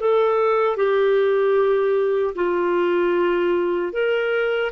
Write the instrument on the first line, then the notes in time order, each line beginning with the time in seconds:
clarinet
0.00 A4
0.76 G4
2.35 F4
3.93 A#4